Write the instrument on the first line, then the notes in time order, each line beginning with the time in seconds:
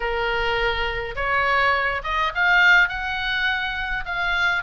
oboe
0.00 A#4
1.15 C#5
2.03 D#5
2.34 F5
2.88 F#5
4.05 F5